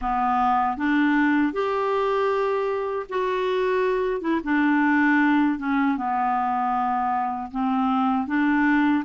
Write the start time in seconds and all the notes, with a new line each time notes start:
0.01 B3
0.77 D4
1.52 G4
3.09 F#4
4.21 E4
4.43 D4
5.58 C#4
5.97 B3
7.51 C4
8.27 D4